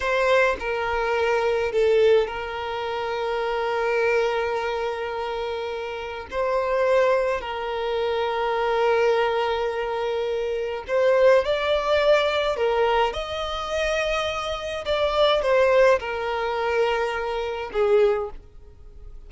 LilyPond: \new Staff \with { instrumentName = "violin" } { \time 4/4 \tempo 4 = 105 c''4 ais'2 a'4 | ais'1~ | ais'2. c''4~ | c''4 ais'2.~ |
ais'2. c''4 | d''2 ais'4 dis''4~ | dis''2 d''4 c''4 | ais'2. gis'4 | }